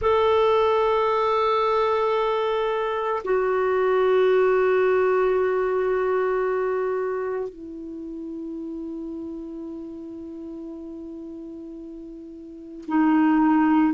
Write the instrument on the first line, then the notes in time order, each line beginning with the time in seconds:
clarinet
0.01 A4
3.24 F#4
7.49 E4
12.87 D#4